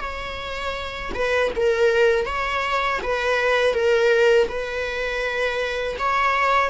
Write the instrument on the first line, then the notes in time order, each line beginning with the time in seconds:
viola
0.00 C#5
1.14 B4
1.56 A#4
2.25 C#5
3.02 B4
3.73 A#4
4.48 B4
5.98 C#5